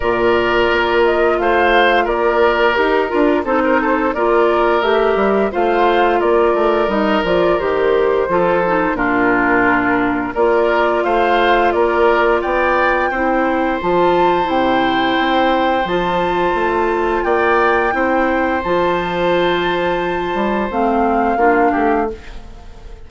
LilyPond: <<
  \new Staff \with { instrumentName = "flute" } { \time 4/4 \tempo 4 = 87 d''4. dis''8 f''4 d''4 | ais'4 c''4 d''4 e''4 | f''4 d''4 dis''8 d''8 c''4~ | c''4 ais'2 d''4 |
f''4 d''4 g''2 | a''4 g''2 a''4~ | a''4 g''2 a''4~ | a''2 f''2 | }
  \new Staff \with { instrumentName = "oboe" } { \time 4/4 ais'2 c''4 ais'4~ | ais'4 a'16 ais'16 a'8 ais'2 | c''4 ais'2. | a'4 f'2 ais'4 |
c''4 ais'4 d''4 c''4~ | c''1~ | c''4 d''4 c''2~ | c''2. f'8 g'8 | }
  \new Staff \with { instrumentName = "clarinet" } { \time 4/4 f'1 | g'8 f'8 dis'4 f'4 g'4 | f'2 dis'8 f'8 g'4 | f'8 dis'8 d'2 f'4~ |
f'2. e'4 | f'4 e'2 f'4~ | f'2 e'4 f'4~ | f'2 c'4 d'4 | }
  \new Staff \with { instrumentName = "bassoon" } { \time 4/4 ais,4 ais4 a4 ais4 | dis'8 d'8 c'4 ais4 a8 g8 | a4 ais8 a8 g8 f8 dis4 | f4 ais,2 ais4 |
a4 ais4 b4 c'4 | f4 c4 c'4 f4 | a4 ais4 c'4 f4~ | f4. g8 a4 ais8 a8 | }
>>